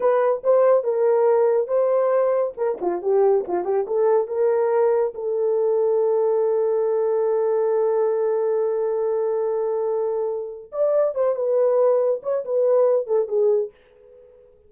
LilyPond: \new Staff \with { instrumentName = "horn" } { \time 4/4 \tempo 4 = 140 b'4 c''4 ais'2 | c''2 ais'8 f'8 g'4 | f'8 g'8 a'4 ais'2 | a'1~ |
a'1~ | a'1~ | a'4 d''4 c''8 b'4.~ | b'8 cis''8 b'4. a'8 gis'4 | }